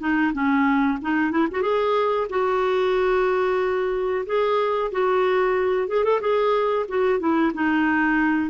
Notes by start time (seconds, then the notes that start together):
0.00 D#4
0.33 C#4
1.01 D#4
1.31 E4
1.51 F#4
1.62 G#4
2.30 F#4
4.26 G#4
4.92 F#4
5.88 G#4
6.04 A4
6.21 G#4
6.88 F#4
7.19 E4
7.54 D#4